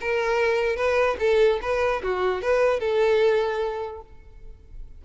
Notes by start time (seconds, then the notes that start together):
0.00 A#4
0.76 B4
1.19 A4
1.61 B4
2.03 F#4
2.42 B4
2.80 A4